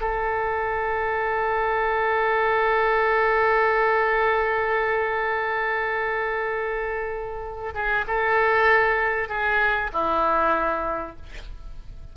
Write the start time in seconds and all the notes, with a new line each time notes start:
0.00 A4
7.74 G#4
8.07 A4
9.28 G#4
9.92 E4